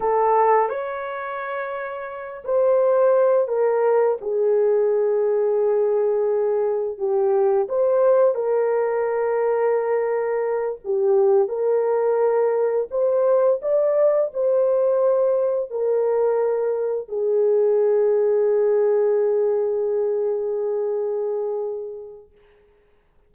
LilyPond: \new Staff \with { instrumentName = "horn" } { \time 4/4 \tempo 4 = 86 a'4 cis''2~ cis''8 c''8~ | c''4 ais'4 gis'2~ | gis'2 g'4 c''4 | ais'2.~ ais'8 g'8~ |
g'8 ais'2 c''4 d''8~ | d''8 c''2 ais'4.~ | ais'8 gis'2.~ gis'8~ | gis'1 | }